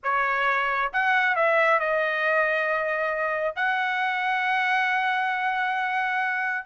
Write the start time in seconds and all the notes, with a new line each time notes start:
0.03 C#5
0.92 F#5
1.35 E5
1.79 D#5
3.55 F#5